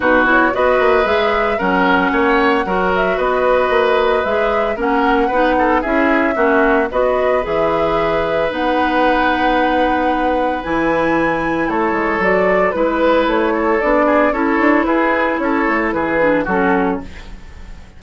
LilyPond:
<<
  \new Staff \with { instrumentName = "flute" } { \time 4/4 \tempo 4 = 113 b'8 cis''8 dis''4 e''4 fis''4~ | fis''4. e''8 dis''2 | e''4 fis''2 e''4~ | e''4 dis''4 e''2 |
fis''1 | gis''2 cis''4 d''4 | b'4 cis''4 d''4 cis''4 | b'4 cis''4 b'4 a'4 | }
  \new Staff \with { instrumentName = "oboe" } { \time 4/4 fis'4 b'2 ais'4 | cis''4 ais'4 b'2~ | b'4 ais'4 b'8 a'8 gis'4 | fis'4 b'2.~ |
b'1~ | b'2 a'2 | b'4. a'4 gis'8 a'4 | gis'4 a'4 gis'4 fis'4 | }
  \new Staff \with { instrumentName = "clarinet" } { \time 4/4 dis'8 e'8 fis'4 gis'4 cis'4~ | cis'4 fis'2. | gis'4 cis'4 dis'4 e'4 | cis'4 fis'4 gis'2 |
dis'1 | e'2. fis'4 | e'2 d'4 e'4~ | e'2~ e'8 d'8 cis'4 | }
  \new Staff \with { instrumentName = "bassoon" } { \time 4/4 b,4 b8 ais8 gis4 fis4 | ais4 fis4 b4 ais4 | gis4 ais4 b4 cis'4 | ais4 b4 e2 |
b1 | e2 a8 gis8 fis4 | gis4 a4 b4 cis'8 d'8 | e'4 cis'8 a8 e4 fis4 | }
>>